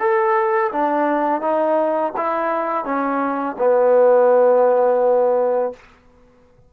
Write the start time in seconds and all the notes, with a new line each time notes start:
0.00 A4
0.72 D4
1.42 D#4
2.17 E4
2.85 C#4
3.59 B3